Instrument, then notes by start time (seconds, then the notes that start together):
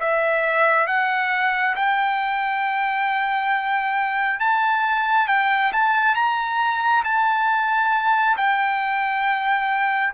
trumpet
0.00 E5
0.87 F#5
1.76 G5
4.40 A5
5.28 G5
5.73 A5
6.15 A#5
7.04 A5
8.37 G5